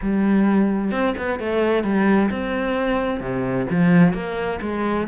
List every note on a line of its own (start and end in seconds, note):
0.01 0.91 G3
0.91 1.14 C4
1.17 1.39 B3
1.39 1.83 A3
1.83 2.30 G3
2.31 3.20 C4
3.20 3.66 C3
3.70 4.13 F3
4.13 4.59 A#3
4.61 5.07 G#3